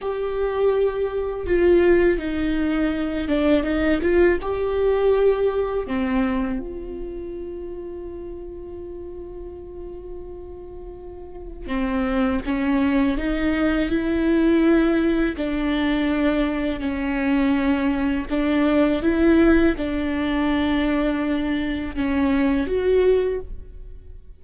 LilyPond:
\new Staff \with { instrumentName = "viola" } { \time 4/4 \tempo 4 = 82 g'2 f'4 dis'4~ | dis'8 d'8 dis'8 f'8 g'2 | c'4 f'2.~ | f'1 |
c'4 cis'4 dis'4 e'4~ | e'4 d'2 cis'4~ | cis'4 d'4 e'4 d'4~ | d'2 cis'4 fis'4 | }